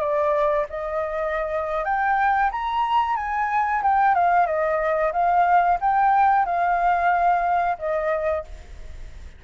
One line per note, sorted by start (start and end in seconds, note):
0.00 0.66 D5
0.70 1.85 D#5
1.85 2.51 G5
2.51 3.16 A#5
3.16 3.82 G#5
3.83 4.15 G5
4.15 4.46 F5
4.46 5.12 D#5
5.12 5.78 F5
5.81 6.46 G5
6.46 7.77 F5
7.79 8.45 D#5